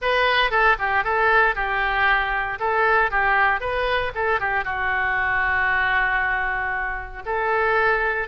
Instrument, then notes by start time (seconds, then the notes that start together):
oboe
0.01 B4
0.50 A4
0.78 G4
1.04 A4
1.55 G4
2.59 A4
3.11 G4
3.60 B4
4.14 A4
4.39 G4
4.64 F#4
7.25 A4